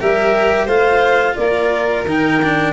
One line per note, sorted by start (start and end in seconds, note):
0.00 0.67 G3
0.00 0.68 G4
0.00 0.65 A#4
0.00 0.68 E5
0.65 1.36 A3
0.65 2.06 F4
0.65 1.34 C5
0.65 1.35 F5
1.35 2.05 A#3
1.35 2.73 A#4
1.35 2.04 D5
2.05 2.73 D#3
2.05 2.42 D#4
2.05 2.73 G5
2.43 2.73 D4